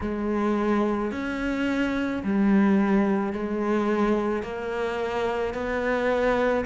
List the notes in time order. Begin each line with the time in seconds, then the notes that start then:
0.00 G#3
1.11 C#4
2.23 G3
3.32 G#3
4.42 A#3
5.54 B3